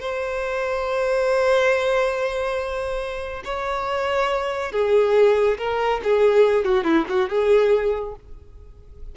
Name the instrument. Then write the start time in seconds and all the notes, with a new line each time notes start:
violin
0.00 C5
3.45 C#5
4.72 G#4
5.58 A#4
6.04 G#4
6.65 F#4
6.84 E4
7.09 F#4
7.29 G#4